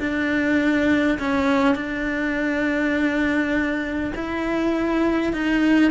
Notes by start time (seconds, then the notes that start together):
0.00 D4
1.19 C#4
1.75 D4
4.16 E4
5.33 D#4